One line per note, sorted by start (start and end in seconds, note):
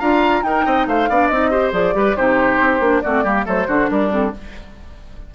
0.00 0.43 D4
0.00 0.45 F4
0.00 0.43 F5
0.00 0.44 A#5
0.43 0.65 D#4
0.43 1.09 D#4
0.43 0.66 A#4
0.43 0.87 G5
0.66 0.87 C4
0.66 0.87 D#5
0.87 1.09 A3
0.87 1.10 C5
0.87 1.28 F5
1.10 1.31 B3
1.10 1.32 D4
1.10 1.51 D5
1.28 1.73 C4
1.28 1.51 D#4
1.28 1.71 D#5
1.51 1.73 G4
1.51 1.94 C5
1.73 1.94 F3
1.73 1.94 G#4
1.73 2.17 D5
1.94 2.16 G3
1.94 2.15 G4
1.94 2.17 B4
2.17 2.60 C3
2.17 2.82 D#4
2.17 3.03 G4
2.17 3.02 C5
2.60 2.80 C4
2.80 3.02 A#3
2.80 3.03 D4
3.02 3.25 A3
3.02 3.25 C4
3.02 3.24 F#4
3.02 3.45 D5
3.24 3.46 G3
3.24 3.45 A#3
3.24 3.46 G4
3.45 3.68 F#3
3.45 3.67 A3
3.45 3.67 A4
3.45 3.90 C5
3.68 3.90 D3
3.68 4.10 D4
3.68 3.89 F#4
3.90 4.34 G3
3.90 4.35 D4
3.90 4.12 A#4
4.10 4.31 C4
4.10 4.35 A4